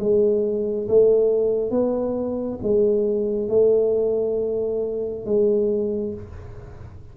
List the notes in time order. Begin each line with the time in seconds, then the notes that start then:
0.00 G#3
0.88 A3
1.71 B3
2.63 G#3
3.49 A3
5.26 G#3